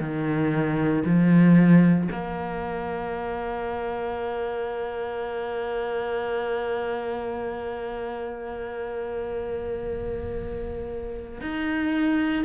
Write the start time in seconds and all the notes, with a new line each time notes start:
0.00 D#3
1.05 F3
2.12 A#3
11.41 D#4